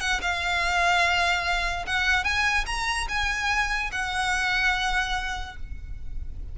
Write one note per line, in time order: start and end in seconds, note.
0.00 0.21 F#5
0.21 1.86 F5
1.86 2.24 F#5
2.24 2.65 G#5
2.66 3.07 A#5
3.08 3.90 G#5
3.92 5.56 F#5